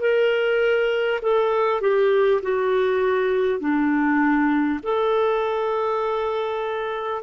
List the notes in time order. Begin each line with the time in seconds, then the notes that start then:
0.00 A#4
1.21 A4
1.81 G4
2.42 F#4
3.59 D4
4.83 A4